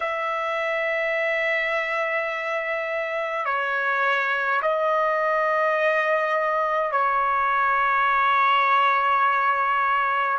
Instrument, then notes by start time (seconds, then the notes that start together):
trumpet
0.00 E5
3.45 C#5
4.62 D#5
6.91 C#5